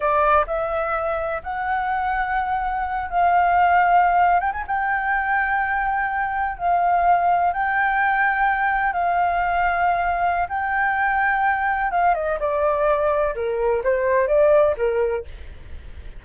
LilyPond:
\new Staff \with { instrumentName = "flute" } { \time 4/4 \tempo 4 = 126 d''4 e''2 fis''4~ | fis''2~ fis''8 f''4.~ | f''4~ f''16 g''16 gis''16 g''2~ g''16~ | g''4.~ g''16 f''2 g''16~ |
g''2~ g''8. f''4~ f''16~ | f''2 g''2~ | g''4 f''8 dis''8 d''2 | ais'4 c''4 d''4 ais'4 | }